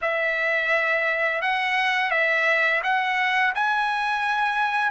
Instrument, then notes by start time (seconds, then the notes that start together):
trumpet
0.01 E5
1.41 F#5
2.10 E5
2.83 F#5
3.55 G#5